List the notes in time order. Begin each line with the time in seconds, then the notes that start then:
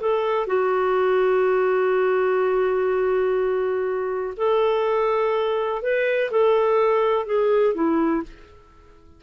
0.00 A4
0.46 F#4
4.37 A4
5.82 B4
6.30 A4
7.26 G#4
7.74 E4